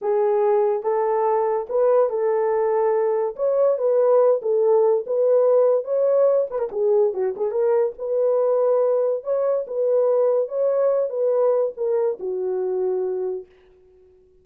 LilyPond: \new Staff \with { instrumentName = "horn" } { \time 4/4 \tempo 4 = 143 gis'2 a'2 | b'4 a'2. | cis''4 b'4. a'4. | b'2 cis''4. b'16 ais'16 |
gis'4 fis'8 gis'8 ais'4 b'4~ | b'2 cis''4 b'4~ | b'4 cis''4. b'4. | ais'4 fis'2. | }